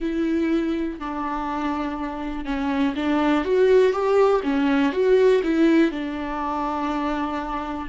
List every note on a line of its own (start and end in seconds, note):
0.00 0.99 E4
0.99 2.45 D4
2.45 2.94 C#4
2.95 3.44 D4
3.44 3.92 F#4
3.92 4.41 G4
4.43 4.92 C#4
4.92 5.41 F#4
5.43 5.91 E4
5.91 7.88 D4